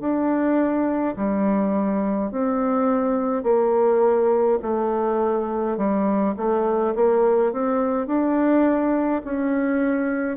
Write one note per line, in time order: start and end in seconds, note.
0.00 1.15 D4
1.16 2.31 G3
2.31 3.44 C4
3.44 4.59 A#3
4.62 5.77 A3
5.77 6.35 G3
6.37 6.94 A3
6.95 7.53 A#3
7.53 8.07 C4
8.07 9.22 D4
9.24 10.37 C#4